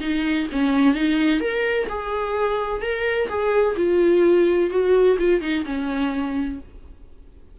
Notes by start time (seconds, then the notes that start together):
0.00 D#4
0.52 C#4
0.94 D#4
1.40 A#4
1.88 G#4
2.81 A#4
3.29 G#4
3.76 F4
4.70 F#4
5.18 F4
5.41 D#4
5.65 C#4